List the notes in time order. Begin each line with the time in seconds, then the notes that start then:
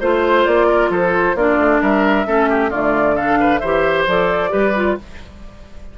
0.00 A3 F4 C5
0.45 A#3 D5
0.67 A#4
0.89 F3 A4 C5
1.35 A#3 D4 F4 D5
1.57 A3
1.81 G3 A#4 E5
2.26 A3 C#4 A4
2.49 G4
2.69 D3 A3 F4 D5
3.16 D4 A4 F5
3.40 B4
3.59 E3 G4 C5 E5
4.06 F3 A4 D5
4.49 G3 G4 B4
4.75 F4